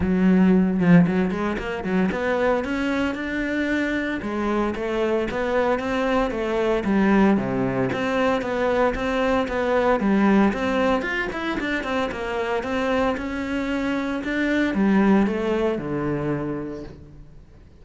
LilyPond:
\new Staff \with { instrumentName = "cello" } { \time 4/4 \tempo 4 = 114 fis4. f8 fis8 gis8 ais8 fis8 | b4 cis'4 d'2 | gis4 a4 b4 c'4 | a4 g4 c4 c'4 |
b4 c'4 b4 g4 | c'4 f'8 e'8 d'8 c'8 ais4 | c'4 cis'2 d'4 | g4 a4 d2 | }